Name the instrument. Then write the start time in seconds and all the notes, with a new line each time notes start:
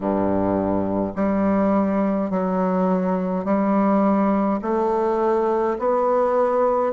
bassoon
0.00 G2
1.15 G3
2.30 F#3
3.44 G3
4.62 A3
5.78 B3